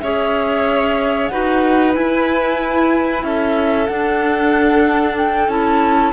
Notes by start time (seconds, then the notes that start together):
0.00 C#4 G#4 C#5 E5
1.28 D#4 F#4 B4 F#5
1.93 E4 G#5
3.24 C#4 A4 E5
3.86 D4 F#5
5.18 G5
5.48 C#4 E4 A5